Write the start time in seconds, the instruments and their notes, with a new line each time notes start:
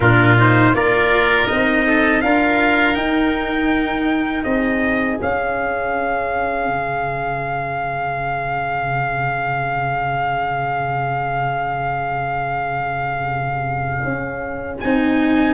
0.00 tuba A#2, cello D4, oboe F4, trumpet A#4
0.38 cello D#4, trumpet C5
0.73 tuba A#3, cello F4, oboe A#4, trumpet D5
1.47 tuba C4, cello D#4, trumpet D#5
1.86 oboe A4
2.21 tuba D4, cello F4, oboe A#4, trumpet F5
2.94 cello D#4, tuba D#4, trumpet G5
4.43 tuba C4, oboe G#4, trumpet D#5
5.16 cello C#4, tuba C#4, trumpet F5
6.67 tuba C#3
14.04 tuba C#4
14.80 tuba C4, cello D#4, trumpet G#5